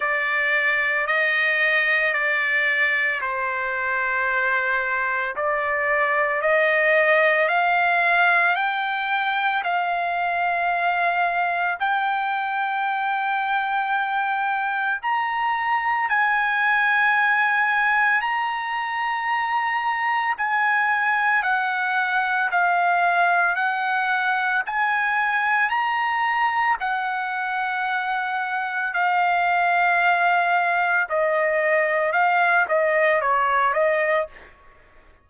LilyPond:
\new Staff \with { instrumentName = "trumpet" } { \time 4/4 \tempo 4 = 56 d''4 dis''4 d''4 c''4~ | c''4 d''4 dis''4 f''4 | g''4 f''2 g''4~ | g''2 ais''4 gis''4~ |
gis''4 ais''2 gis''4 | fis''4 f''4 fis''4 gis''4 | ais''4 fis''2 f''4~ | f''4 dis''4 f''8 dis''8 cis''8 dis''8 | }